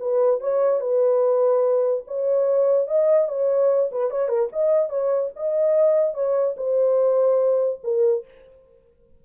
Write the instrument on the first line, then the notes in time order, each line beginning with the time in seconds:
horn
0.00 B4
0.41 C#5
0.81 B4
2.08 C#5
2.87 D#5
3.29 C#5
3.92 B4
4.11 C#5
4.29 A#4
4.53 D#5
4.89 C#5
5.36 D#5
6.14 C#5
6.57 C5
7.84 A#4